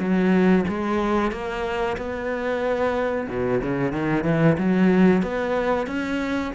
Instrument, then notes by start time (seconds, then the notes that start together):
cello
0.00 F#3
0.69 G#3
1.32 A#3
1.98 B3
3.29 B2
3.63 C#3
3.92 D#3
4.25 E3
4.59 F#3
5.23 B3
5.87 C#4